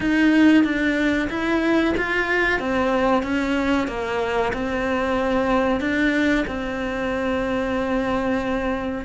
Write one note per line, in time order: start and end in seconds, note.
0.00 0.64 D#4
0.64 1.28 D4
1.29 1.94 E4
1.97 2.59 F4
2.59 3.23 C4
3.23 3.87 C#4
3.87 4.52 A#3
4.53 5.80 C4
5.80 6.45 D4
6.47 9.05 C4